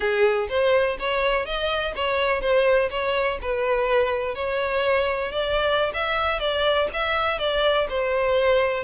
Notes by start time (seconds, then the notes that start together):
0.00 G#4
0.49 C5
0.99 C#5
1.45 D#5
1.95 C#5
2.41 C5
2.90 C#5
3.41 B4
4.34 C#5
5.31 D5
5.93 E5
6.39 D5
6.93 E5
7.39 D5
7.89 C5